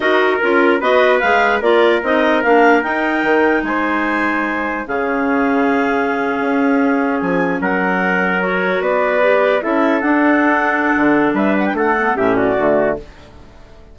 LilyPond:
<<
  \new Staff \with { instrumentName = "clarinet" } { \time 4/4 \tempo 4 = 148 dis''4 ais'4 dis''4 f''4 | d''4 dis''4 f''4 g''4~ | g''4 gis''2. | f''1~ |
f''4.~ f''16 gis''4 fis''4~ fis''16~ | fis''8. cis''4 d''2 e''16~ | e''8. fis''2.~ fis''16 | e''8 fis''16 g''16 fis''4 e''8 d''4. | }
  \new Staff \with { instrumentName = "trumpet" } { \time 4/4 ais'2 b'2 | ais'1~ | ais'4 c''2. | gis'1~ |
gis'2~ gis'8. ais'4~ ais'16~ | ais'4.~ ais'16 b'2 a'16~ | a'1 | b'4 a'4 g'8 fis'4. | }
  \new Staff \with { instrumentName = "clarinet" } { \time 4/4 fis'4 f'4 fis'4 gis'4 | f'4 dis'4 d'4 dis'4~ | dis'1 | cis'1~ |
cis'1~ | cis'8. fis'2 g'4 e'16~ | e'8. d'2.~ d'16~ | d'4. b8 cis'4 a4 | }
  \new Staff \with { instrumentName = "bassoon" } { \time 4/4 dis'4 cis'4 b4 gis4 | ais4 c'4 ais4 dis'4 | dis4 gis2. | cis2.~ cis8. cis'16~ |
cis'4.~ cis'16 f4 fis4~ fis16~ | fis4.~ fis16 b2 cis'16~ | cis'8. d'2~ d'16 d4 | g4 a4 a,4 d4 | }
>>